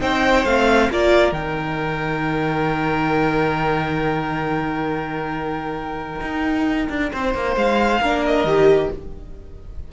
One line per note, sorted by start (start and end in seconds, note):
0.00 0.45 C4
0.00 0.44 D#4
0.00 0.90 C5
0.00 0.45 G5
0.45 0.89 A3
0.45 0.91 C4
0.45 0.90 F5
0.90 1.32 A#3
0.90 1.35 F4
0.90 7.12 A#4
0.90 1.33 D5
1.32 6.21 D#3
1.32 8.02 D#4
1.32 7.55 G5
6.21 6.88 D#4
6.89 7.11 D4
7.12 7.34 C4
7.12 8.01 C5
7.34 7.56 A#3
7.56 8.00 G#3
7.56 8.24 F5
8.01 8.44 A#3
8.01 8.47 D4
8.01 8.90 A#4
8.26 8.92 D#5
8.44 8.89 D#3
8.44 8.91 G4